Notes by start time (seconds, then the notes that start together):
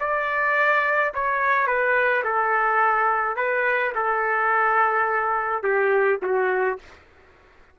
0.00 D5
1.14 C#5
1.67 B4
2.24 A4
3.37 B4
3.95 A4
5.63 G4
6.22 F#4